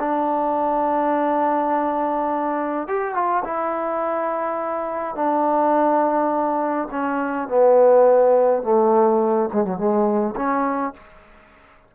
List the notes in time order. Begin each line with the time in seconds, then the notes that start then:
0.00 D4
2.88 G4
3.15 F4
3.45 E4
5.16 D4
6.91 C#4
7.48 B3
8.63 A3
9.53 G#3
9.65 F#3
9.78 G#3
10.36 C#4